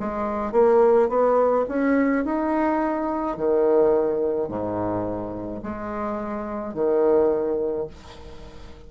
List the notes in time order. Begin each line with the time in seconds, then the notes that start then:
0.00 G#3
0.52 A#3
1.09 B3
1.69 C#4
2.25 D#4
3.37 D#3
4.49 G#2
5.63 G#3
6.74 D#3